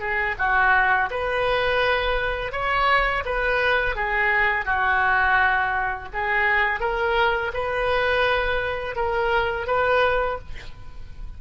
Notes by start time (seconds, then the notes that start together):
0.00 G#4
0.39 F#4
1.11 B4
2.53 C#5
3.26 B4
3.96 G#4
4.66 F#4
6.14 G#4
6.81 A#4
7.54 B4
8.96 A#4
9.68 B4